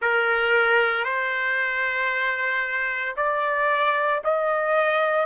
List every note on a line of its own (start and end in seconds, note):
0.01 1.04 A#4
1.04 3.15 C5
3.16 4.21 D5
4.23 5.25 D#5